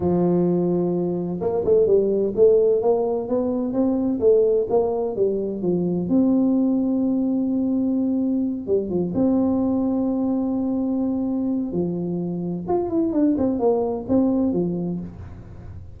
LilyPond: \new Staff \with { instrumentName = "tuba" } { \time 4/4 \tempo 4 = 128 f2. ais8 a8 | g4 a4 ais4 b4 | c'4 a4 ais4 g4 | f4 c'2.~ |
c'2~ c'8 g8 f8 c'8~ | c'1~ | c'4 f2 f'8 e'8 | d'8 c'8 ais4 c'4 f4 | }